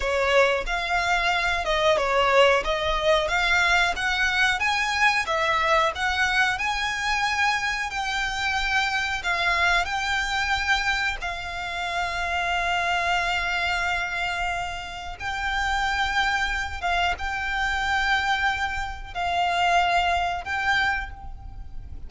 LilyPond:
\new Staff \with { instrumentName = "violin" } { \time 4/4 \tempo 4 = 91 cis''4 f''4. dis''8 cis''4 | dis''4 f''4 fis''4 gis''4 | e''4 fis''4 gis''2 | g''2 f''4 g''4~ |
g''4 f''2.~ | f''2. g''4~ | g''4. f''8 g''2~ | g''4 f''2 g''4 | }